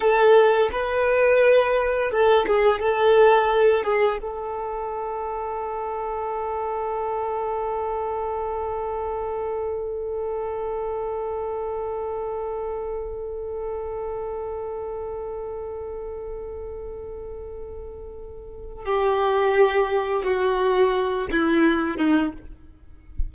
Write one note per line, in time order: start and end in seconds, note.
0.00 0.69 A4
0.72 2.11 B4
2.11 2.46 A4
2.46 2.80 G#4
2.80 3.83 A4
3.83 4.18 G#4
4.21 18.85 A4
18.85 20.23 G4
20.23 21.28 F#4
21.31 21.97 E4
21.97 22.32 D#4